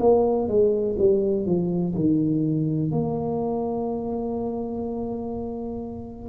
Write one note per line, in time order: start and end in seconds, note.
0.00 0.48 A#3
0.48 0.96 G#3
0.99 1.46 G3
1.46 1.94 F3
1.95 2.92 D#3
2.92 6.29 A#3